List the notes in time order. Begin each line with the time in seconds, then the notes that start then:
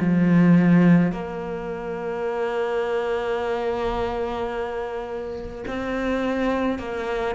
0.00 F3
1.12 A#3
5.68 C4
6.79 A#3